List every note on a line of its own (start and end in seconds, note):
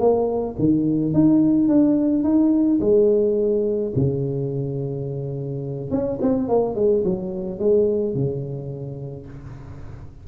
0.00 0.56 A#3
0.59 1.14 D#3
1.14 1.69 D#4
1.69 2.24 D4
2.24 2.80 D#4
2.81 3.93 G#3
3.96 5.91 C#3
5.91 6.19 C#4
6.22 6.49 C4
6.49 6.76 A#3
6.76 7.04 G#3
7.05 7.60 F#3
7.60 8.15 G#3
8.15 9.27 C#3